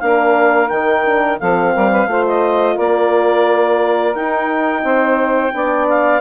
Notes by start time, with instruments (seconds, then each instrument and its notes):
0.00 bassoon A#3, horn D4, saxophone A#4, clarinet F5
0.68 bassoon D#3, horn D#4, clarinet G5
1.05 horn D4
1.40 bassoon F3, horn C4, saxophone A4, clarinet F5
1.75 bassoon G3, saxophone A#4
1.91 saxophone B4
2.07 bassoon A3, horn F4, saxophone C5
2.27 clarinet D#5
2.75 bassoon A#3, saxophone A#4, clarinet D5
4.15 bassoon D#4, horn D#4, clarinet G5
4.84 bassoon C4, saxophone C5
5.53 bassoon B3, horn D4, saxophone D5
5.89 clarinet F5